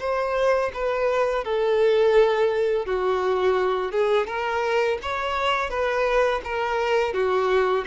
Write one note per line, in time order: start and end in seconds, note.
0.00 0.71 C5
0.74 1.44 B4
1.44 2.86 A4
2.86 3.92 F#4
3.92 4.27 G#4
4.27 4.98 A#4
5.02 5.69 C#5
5.69 6.41 B4
6.44 7.13 A#4
7.13 7.85 F#4